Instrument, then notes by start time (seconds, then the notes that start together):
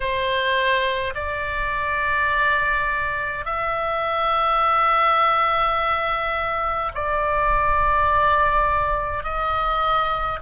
oboe
0.00 C5
1.14 D5
3.45 E5
6.94 D5
9.23 D#5